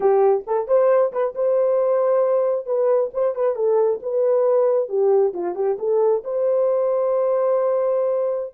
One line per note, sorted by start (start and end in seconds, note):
0.00 0.44 G4
0.46 0.67 A4
0.67 1.12 C5
1.12 1.34 B4
1.35 2.65 C5
2.65 3.10 B4
3.13 3.35 C5
3.35 3.55 B4
3.55 4.00 A4
4.02 4.88 B4
4.88 5.33 G4
5.33 5.55 F4
5.55 5.77 G4
5.79 6.23 A4
6.24 8.54 C5